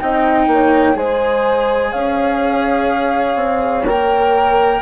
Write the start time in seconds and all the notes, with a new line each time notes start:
0.00 C4 D#4 D#5 G5
0.47 A#3 C#5
0.93 G#3 G#4 C5 G#5
1.91 C#4 C#5 F5
3.36 C4
3.85 A#3 A#4 G5